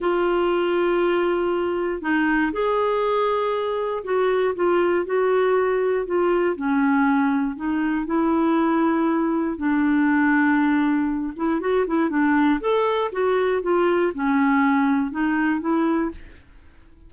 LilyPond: \new Staff \with { instrumentName = "clarinet" } { \time 4/4 \tempo 4 = 119 f'1 | dis'4 gis'2. | fis'4 f'4 fis'2 | f'4 cis'2 dis'4 |
e'2. d'4~ | d'2~ d'8 e'8 fis'8 e'8 | d'4 a'4 fis'4 f'4 | cis'2 dis'4 e'4 | }